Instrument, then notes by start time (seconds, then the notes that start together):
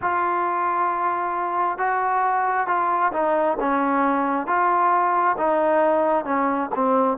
trombone
0.01 F4
1.77 F#4
2.67 F4
3.12 D#4
3.60 C#4
4.47 F4
5.37 D#4
6.24 C#4
6.75 C4